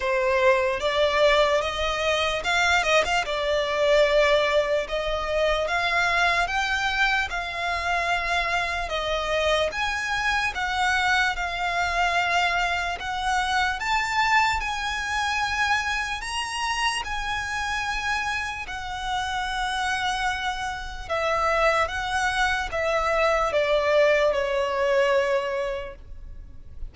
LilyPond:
\new Staff \with { instrumentName = "violin" } { \time 4/4 \tempo 4 = 74 c''4 d''4 dis''4 f''8 dis''16 f''16 | d''2 dis''4 f''4 | g''4 f''2 dis''4 | gis''4 fis''4 f''2 |
fis''4 a''4 gis''2 | ais''4 gis''2 fis''4~ | fis''2 e''4 fis''4 | e''4 d''4 cis''2 | }